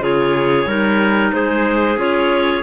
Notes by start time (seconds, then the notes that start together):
0.00 C#3 F4 G#4 C#5
0.66 G3 D#4 A#4
1.33 G#3 G#4 C5
1.97 C#4 F4 C#5